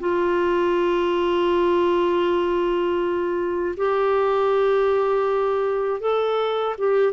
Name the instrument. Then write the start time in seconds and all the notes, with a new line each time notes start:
clarinet
0.00 F4
3.77 G4
6.00 A4
6.78 G4